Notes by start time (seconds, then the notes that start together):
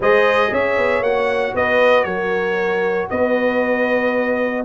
0.00 G#3 G#4 C5 D#5
0.51 C#4 C#5 E5
0.77 B3
1.00 A#3 F#4 F#5
1.54 B3 B4 D#5
2.04 F#3 A#4 C#5
3.10 B3 B4 D#5